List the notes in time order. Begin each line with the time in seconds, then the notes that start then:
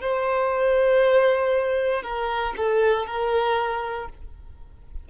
0.00 C5
2.02 A#4
2.57 A4
3.06 A#4